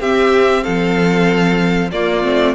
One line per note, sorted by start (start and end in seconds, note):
0.00 0.63 C4
0.00 1.92 C4
0.00 0.63 G4
0.00 0.64 E5
0.63 1.92 F3
0.63 1.89 A4
0.63 1.90 F5
1.91 2.24 A#3
1.91 2.22 A#3
1.91 2.55 F4
1.91 2.55 D5
2.22 2.55 A3
2.22 2.54 C4